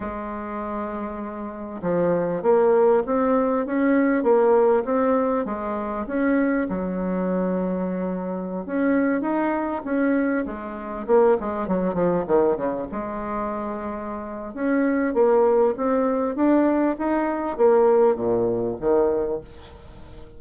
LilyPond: \new Staff \with { instrumentName = "bassoon" } { \time 4/4 \tempo 4 = 99 gis2. f4 | ais4 c'4 cis'4 ais4 | c'4 gis4 cis'4 fis4~ | fis2~ fis16 cis'4 dis'8.~ |
dis'16 cis'4 gis4 ais8 gis8 fis8 f16~ | f16 dis8 cis8 gis2~ gis8. | cis'4 ais4 c'4 d'4 | dis'4 ais4 ais,4 dis4 | }